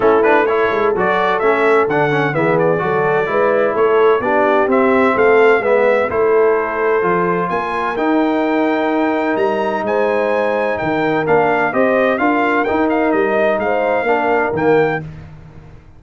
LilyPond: <<
  \new Staff \with { instrumentName = "trumpet" } { \time 4/4 \tempo 4 = 128 a'8 b'8 cis''4 d''4 e''4 | fis''4 e''8 d''2~ d''8 | cis''4 d''4 e''4 f''4 | e''4 c''2. |
gis''4 g''2. | ais''4 gis''2 g''4 | f''4 dis''4 f''4 g''8 f''8 | dis''4 f''2 g''4 | }
  \new Staff \with { instrumentName = "horn" } { \time 4/4 e'4 a'2.~ | a'4 gis'4 a'4 b'4 | a'4 g'2 a'4 | b'4 a'2. |
ais'1~ | ais'4 c''2 ais'4~ | ais'4 c''4 ais'2~ | ais'4 c''4 ais'2 | }
  \new Staff \with { instrumentName = "trombone" } { \time 4/4 cis'8 d'8 e'4 fis'4 cis'4 | d'8 cis'8 b4 fis'4 e'4~ | e'4 d'4 c'2 | b4 e'2 f'4~ |
f'4 dis'2.~ | dis'1 | d'4 g'4 f'4 dis'4~ | dis'2 d'4 ais4 | }
  \new Staff \with { instrumentName = "tuba" } { \time 4/4 a4. gis8 fis4 a4 | d4 e4 fis4 gis4 | a4 b4 c'4 a4 | gis4 a2 f4 |
ais4 dis'2. | g4 gis2 dis4 | ais4 c'4 d'4 dis'4 | g4 gis4 ais4 dis4 | }
>>